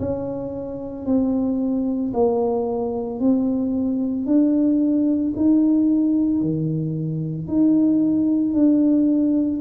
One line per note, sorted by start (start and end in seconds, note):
0.00 1.06 C#4
1.06 2.13 C4
2.14 3.19 A#3
3.19 4.27 C4
4.27 5.34 D4
5.36 6.41 D#4
6.41 7.48 D#3
7.48 8.54 D#4
8.54 9.61 D4